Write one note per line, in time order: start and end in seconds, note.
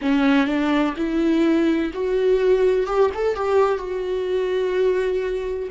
0.01 0.46 C#4
0.46 0.94 D4
0.97 1.92 E4
1.93 2.86 F#4
2.86 3.10 G4
3.14 3.35 A4
3.35 3.78 G4
3.78 5.68 F#4